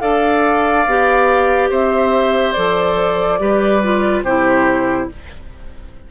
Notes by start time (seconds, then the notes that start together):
0.00 D4 A4 D5 F5
0.86 B3 G4
1.70 C4 C5 E5
2.53 F3 A4 D5
3.39 G3 G4 B4
3.83 F4
4.23 C3 E4 G4 C5